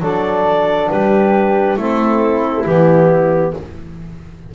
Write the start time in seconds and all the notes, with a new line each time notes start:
0.00 F#3 D4 A4 D5
0.90 G3 G4 B4
1.77 A3 C4 E4 A4
2.65 E3 B3 G4